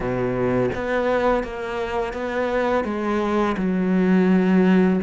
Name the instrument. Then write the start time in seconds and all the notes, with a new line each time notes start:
cello
0.00 B2
0.75 B3
1.43 A#3
2.13 B3
2.84 G#3
3.57 F#3